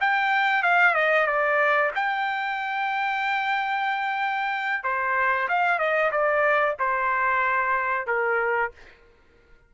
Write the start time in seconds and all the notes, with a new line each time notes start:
0.00 G5
0.62 F5
0.94 D#5
1.26 D5
1.95 G5
4.83 C5
5.48 F5
5.79 D#5
6.11 D5
6.79 C5
8.07 A#4